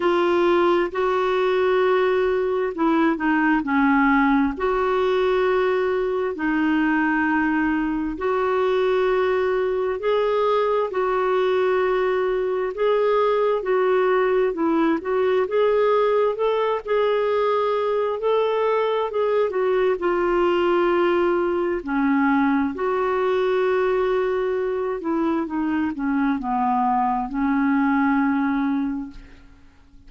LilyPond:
\new Staff \with { instrumentName = "clarinet" } { \time 4/4 \tempo 4 = 66 f'4 fis'2 e'8 dis'8 | cis'4 fis'2 dis'4~ | dis'4 fis'2 gis'4 | fis'2 gis'4 fis'4 |
e'8 fis'8 gis'4 a'8 gis'4. | a'4 gis'8 fis'8 f'2 | cis'4 fis'2~ fis'8 e'8 | dis'8 cis'8 b4 cis'2 | }